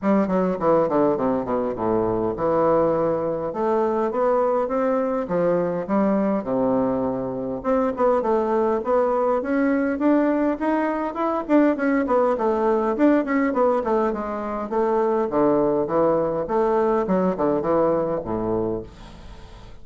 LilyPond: \new Staff \with { instrumentName = "bassoon" } { \time 4/4 \tempo 4 = 102 g8 fis8 e8 d8 c8 b,8 a,4 | e2 a4 b4 | c'4 f4 g4 c4~ | c4 c'8 b8 a4 b4 |
cis'4 d'4 dis'4 e'8 d'8 | cis'8 b8 a4 d'8 cis'8 b8 a8 | gis4 a4 d4 e4 | a4 fis8 d8 e4 a,4 | }